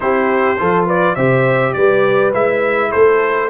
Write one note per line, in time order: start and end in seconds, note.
0.00 0.59 C4
0.00 0.57 E4
0.00 0.59 G4
0.00 0.86 C5
0.58 1.16 F3
0.58 1.16 F4
0.58 0.86 A4
0.86 1.15 B4
0.86 1.15 D5
1.15 1.74 C3
1.15 2.33 G4
1.15 1.73 C5
1.15 1.73 E5
1.73 2.33 G3
1.73 2.90 B4
1.73 2.31 D5
2.33 2.91 G#3
2.33 3.49 E4
2.33 2.91 E5
2.90 3.50 A3
2.90 3.48 A4
2.90 3.49 C5